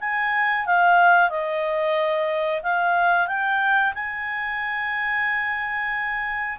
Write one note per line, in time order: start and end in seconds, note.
0.00 0.66 G#5
0.66 1.29 F5
1.29 2.61 D#5
2.62 3.27 F5
3.27 3.93 G5
3.94 6.58 G#5